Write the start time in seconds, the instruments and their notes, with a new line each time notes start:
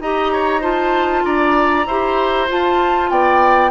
0.00 bassoon D#4, clarinet G4, oboe D#5, flute A#5
0.33 oboe C#5
0.61 clarinet F4, oboe C5, flute A5
1.25 bassoon D4, oboe D5, flute A#5
1.87 bassoon E4, clarinet G4, oboe C5
2.48 clarinet F4, bassoon F4, flute A5
3.10 bassoon B3, oboe D5, flute G5